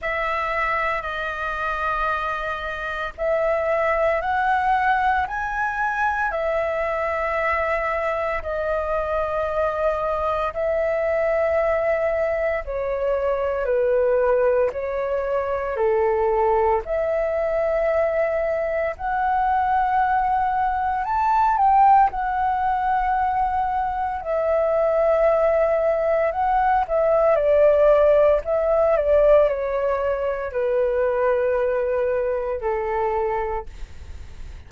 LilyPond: \new Staff \with { instrumentName = "flute" } { \time 4/4 \tempo 4 = 57 e''4 dis''2 e''4 | fis''4 gis''4 e''2 | dis''2 e''2 | cis''4 b'4 cis''4 a'4 |
e''2 fis''2 | a''8 g''8 fis''2 e''4~ | e''4 fis''8 e''8 d''4 e''8 d''8 | cis''4 b'2 a'4 | }